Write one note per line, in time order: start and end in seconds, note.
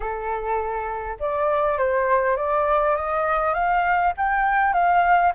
0.00 1.17 A4
1.19 1.77 D5
1.77 2.36 C5
2.36 2.95 D5
2.96 3.53 D#5
3.53 4.13 F5
4.17 4.73 G5
4.73 5.32 F5